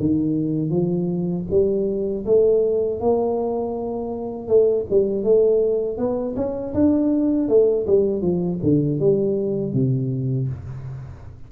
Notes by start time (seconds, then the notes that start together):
0.00 D#3
0.70 F3
1.51 G3
2.26 A3
3.01 A#3
4.48 A3
4.90 G3
5.24 A3
5.98 B3
6.36 C#4
6.74 D4
7.49 A3
7.87 G3
8.22 F3
8.63 D3
9.00 G3
9.73 C3